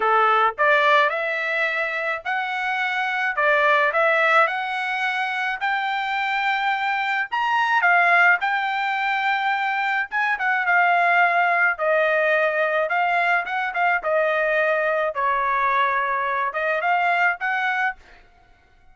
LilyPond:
\new Staff \with { instrumentName = "trumpet" } { \time 4/4 \tempo 4 = 107 a'4 d''4 e''2 | fis''2 d''4 e''4 | fis''2 g''2~ | g''4 ais''4 f''4 g''4~ |
g''2 gis''8 fis''8 f''4~ | f''4 dis''2 f''4 | fis''8 f''8 dis''2 cis''4~ | cis''4. dis''8 f''4 fis''4 | }